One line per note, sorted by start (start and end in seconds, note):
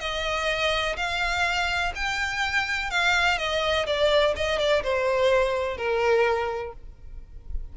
0.00 0.96 D#5
0.96 1.92 F5
1.95 2.90 G5
2.90 3.38 F5
3.38 3.86 D#5
3.86 4.34 D5
4.36 4.59 D#5
4.59 4.83 D5
4.83 5.77 C5
5.77 6.73 A#4